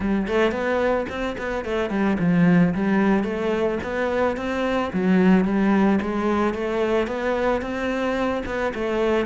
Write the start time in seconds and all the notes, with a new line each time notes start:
0.00 G3
0.27 A3
0.51 B3
1.09 C4
1.38 B3
1.64 A3
1.89 G3
2.19 F3
2.74 G3
3.23 A3
3.83 B3
4.36 C4
4.93 F#3
5.44 G3
6.01 G#3
6.54 A3
7.07 B3
7.61 C4
8.45 B3
8.74 A3